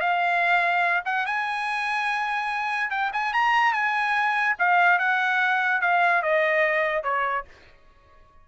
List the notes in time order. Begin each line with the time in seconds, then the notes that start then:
0.00 F5
1.05 F#5
1.26 G#5
2.90 G5
3.13 G#5
3.33 A#5
3.73 G#5
4.58 F5
4.99 F#5
5.81 F5
6.22 D#5
7.03 C#5